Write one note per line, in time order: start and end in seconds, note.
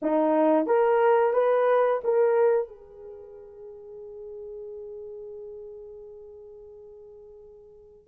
0.02 0.66 D#4
0.66 1.33 A#4
1.33 2.00 B4
2.04 2.68 A#4
2.68 8.07 G#4